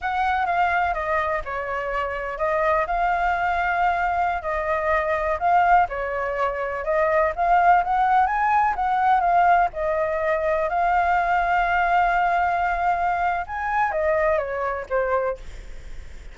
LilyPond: \new Staff \with { instrumentName = "flute" } { \time 4/4 \tempo 4 = 125 fis''4 f''4 dis''4 cis''4~ | cis''4 dis''4 f''2~ | f''4~ f''16 dis''2 f''8.~ | f''16 cis''2 dis''4 f''8.~ |
f''16 fis''4 gis''4 fis''4 f''8.~ | f''16 dis''2 f''4.~ f''16~ | f''1 | gis''4 dis''4 cis''4 c''4 | }